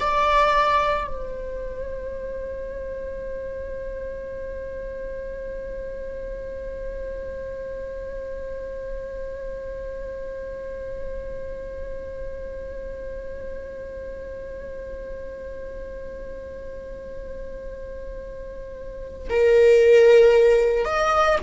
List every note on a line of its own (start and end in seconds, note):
0.00 1.07 D5
1.07 19.29 C5
19.30 20.85 A#4
20.85 21.38 D#5